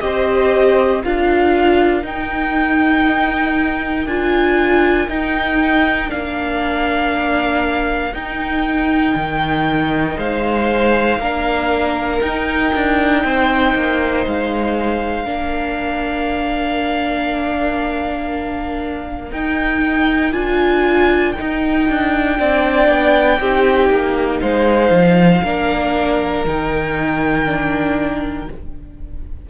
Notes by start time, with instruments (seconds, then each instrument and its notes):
0.00 cello C4, viola G4, violin C5 D#5
1.03 cello D4, viola F4, violin A#4 F5
2.03 viola D#4, cello D#4, violin G5
4.06 cello D4, viola F4, violin G#5
5.08 cello D#4, viola D#4, violin G5
6.09 cello A#3, viola D4, violin F5
8.14 cello D#4, viola D#4, violin G5
9.15 cello D#3
10.18 cello G#3, violin C5 F5
11.19 cello A#3, viola D4, violin A#4
12.21 viola D#4, cello D#4, violin G5
12.75 cello D4
13.24 cello C4, violin C5
13.75 cello A#3
14.27 cello G#3, violin F5
15.25 cello A#3, viola D4, violin A#4
19.32 cello D#4, viola D#4, violin G5
20.33 cello D4, viola F4, violin G#5
21.33 viola D#4, violin G5
21.40 cello D#4
21.89 cello D4
22.38 cello C4, viola D4, violin D5
22.89 cello B3
23.40 cello C4, viola D#4, violin G4
23.90 cello A#3
24.42 cello G#3, violin C5 F5
24.90 cello F3
25.43 cello A#3, viola D4, violin A#4
26.45 cello D#3, viola D#4, violin G5
27.45 viola D4